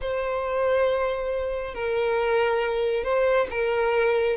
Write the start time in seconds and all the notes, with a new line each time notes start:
0.01 C5
1.74 A#4
3.03 C5
3.50 A#4